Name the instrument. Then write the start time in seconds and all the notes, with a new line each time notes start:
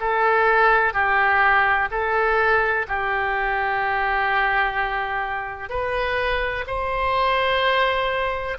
oboe
0.00 A4
0.94 G4
1.91 A4
2.88 G4
5.69 B4
6.67 C5